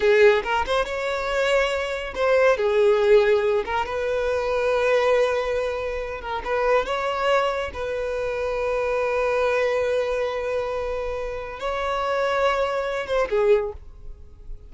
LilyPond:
\new Staff \with { instrumentName = "violin" } { \time 4/4 \tempo 4 = 140 gis'4 ais'8 c''8 cis''2~ | cis''4 c''4 gis'2~ | gis'8 ais'8 b'2.~ | b'2~ b'8 ais'8 b'4 |
cis''2 b'2~ | b'1~ | b'2. cis''4~ | cis''2~ cis''8 c''8 gis'4 | }